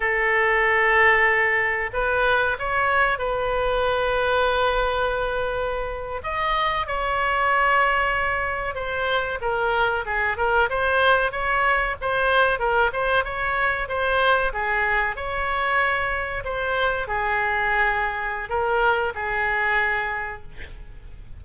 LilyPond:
\new Staff \with { instrumentName = "oboe" } { \time 4/4 \tempo 4 = 94 a'2. b'4 | cis''4 b'2.~ | b'4.~ b'16 dis''4 cis''4~ cis''16~ | cis''4.~ cis''16 c''4 ais'4 gis'16~ |
gis'16 ais'8 c''4 cis''4 c''4 ais'16~ | ais'16 c''8 cis''4 c''4 gis'4 cis''16~ | cis''4.~ cis''16 c''4 gis'4~ gis'16~ | gis'4 ais'4 gis'2 | }